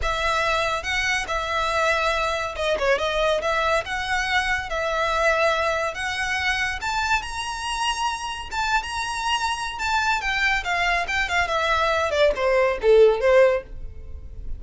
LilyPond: \new Staff \with { instrumentName = "violin" } { \time 4/4 \tempo 4 = 141 e''2 fis''4 e''4~ | e''2 dis''8 cis''8 dis''4 | e''4 fis''2 e''4~ | e''2 fis''2 |
a''4 ais''2. | a''8. ais''2~ ais''16 a''4 | g''4 f''4 g''8 f''8 e''4~ | e''8 d''8 c''4 a'4 c''4 | }